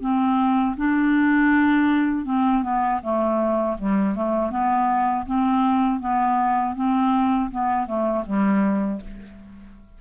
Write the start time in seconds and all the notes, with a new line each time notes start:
0.00 C4
0.76 D4
2.25 C4
2.62 B3
3.02 A3
3.78 G3
4.15 A3
4.50 B3
5.25 C4
6.00 B3
6.75 C4
7.50 B3
7.86 A3
8.26 G3